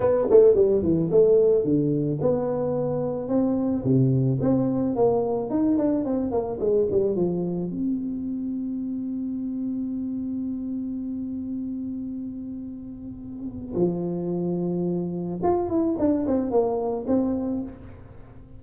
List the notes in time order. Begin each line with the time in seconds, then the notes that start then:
0.00 B3
0.30 A3
0.55 G3
0.82 E3
1.11 A3
1.64 D3
2.21 B3
3.28 C4
3.84 C3
4.40 C4
4.95 A#3
5.50 D#4
5.77 D4
6.04 C4
6.31 A#3
6.59 G#3
6.90 G3
7.15 F3
7.70 C4
13.74 F3
15.43 F4
15.69 E4
15.98 D4
16.27 C4
16.50 A#3
17.07 C4